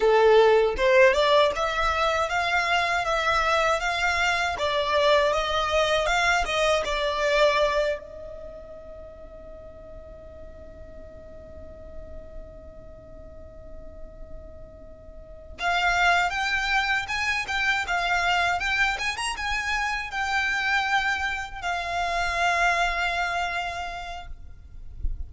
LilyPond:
\new Staff \with { instrumentName = "violin" } { \time 4/4 \tempo 4 = 79 a'4 c''8 d''8 e''4 f''4 | e''4 f''4 d''4 dis''4 | f''8 dis''8 d''4. dis''4.~ | dis''1~ |
dis''1~ | dis''8 f''4 g''4 gis''8 g''8 f''8~ | f''8 g''8 gis''16 ais''16 gis''4 g''4.~ | g''8 f''2.~ f''8 | }